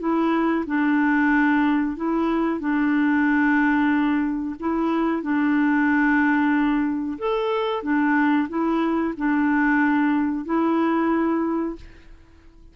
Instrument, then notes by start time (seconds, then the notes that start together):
clarinet
0.00 E4
0.67 D4
1.97 E4
2.60 D4
4.60 E4
5.23 D4
7.19 A4
7.83 D4
8.49 E4
9.18 D4
10.46 E4